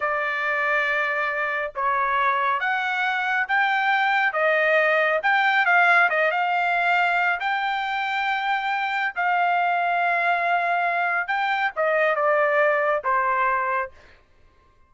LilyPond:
\new Staff \with { instrumentName = "trumpet" } { \time 4/4 \tempo 4 = 138 d''1 | cis''2 fis''2 | g''2 dis''2 | g''4 f''4 dis''8 f''4.~ |
f''4 g''2.~ | g''4 f''2.~ | f''2 g''4 dis''4 | d''2 c''2 | }